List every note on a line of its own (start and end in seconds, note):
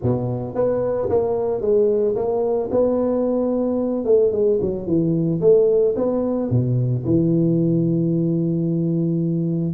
0.02 0.54 B2
0.54 1.08 B3
1.09 1.61 A#3
1.61 2.15 G#3
2.15 2.69 A#3
2.71 4.04 B3
4.04 4.31 A3
4.32 4.59 G#3
4.61 4.86 F#3
4.86 5.40 E3
5.41 5.95 A3
5.96 6.50 B3
6.50 7.04 B2
7.04 9.74 E3